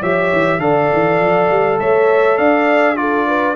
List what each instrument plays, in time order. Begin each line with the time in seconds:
0.00 tuba F3, trombone G4, horn C#5, trumpet E5
0.33 tuba E3
0.59 tuba D3, trombone A4, horn D5, trumpet F5
0.93 tuba E3
1.20 tuba F3
1.50 tuba G3
1.80 tuba A3, horn C#5, trumpet E5
2.38 tuba D4, horn D5, trumpet F5
2.96 trombone F4, horn A4, trumpet D5
3.27 horn B4